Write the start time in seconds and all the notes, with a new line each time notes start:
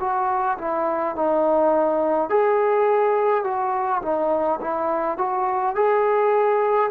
0.00 F#4
0.58 E4
1.16 D#4
2.30 G#4
3.44 F#4
4.02 D#4
4.61 E4
5.18 F#4
5.75 G#4